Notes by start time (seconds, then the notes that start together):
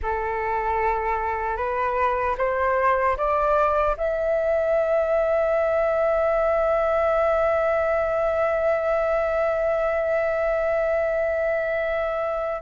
0.02 A4
1.56 B4
2.37 C5
3.17 D5
3.97 E5